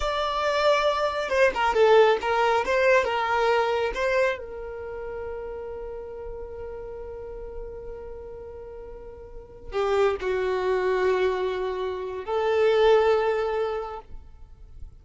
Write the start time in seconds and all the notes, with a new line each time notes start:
0.00 D5
1.29 C5
1.54 A#4
1.74 A4
2.21 A#4
2.65 C5
3.04 A#4
3.94 C5
4.38 A#4
9.72 G4
10.20 F#4
12.24 A4